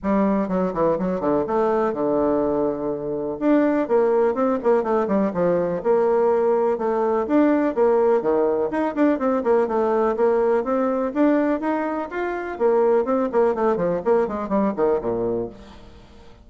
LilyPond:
\new Staff \with { instrumentName = "bassoon" } { \time 4/4 \tempo 4 = 124 g4 fis8 e8 fis8 d8 a4 | d2. d'4 | ais4 c'8 ais8 a8 g8 f4 | ais2 a4 d'4 |
ais4 dis4 dis'8 d'8 c'8 ais8 | a4 ais4 c'4 d'4 | dis'4 f'4 ais4 c'8 ais8 | a8 f8 ais8 gis8 g8 dis8 ais,4 | }